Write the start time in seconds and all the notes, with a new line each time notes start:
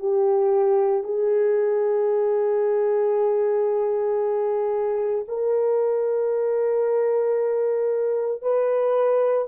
0.00 G4
1.04 G#4
5.28 A#4
8.43 B4